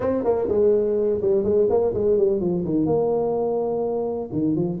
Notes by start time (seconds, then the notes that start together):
0.00 C4
0.24 A#3
0.48 G#3
1.21 G3
1.43 G#3
1.69 A#3
1.94 G#3
2.17 G3
2.40 F3
2.64 D#3
2.86 A#3
4.32 D#3
4.55 F3